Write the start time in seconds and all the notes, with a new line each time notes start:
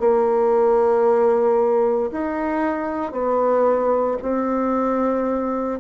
0.00 A#3
2.12 D#4
3.12 B3
4.22 C4